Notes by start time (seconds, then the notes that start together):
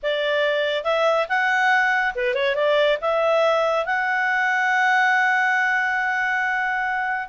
0.02 D5
0.84 E5
1.28 F#5
2.15 B4
2.34 C#5
2.55 D5
3.01 E5
3.85 F#5